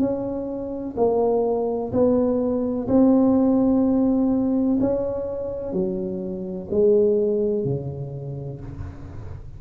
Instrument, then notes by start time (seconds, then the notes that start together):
tuba
0.00 C#4
0.97 A#3
1.93 B3
2.88 C4
4.81 C#4
5.73 F#3
6.71 G#3
7.65 C#3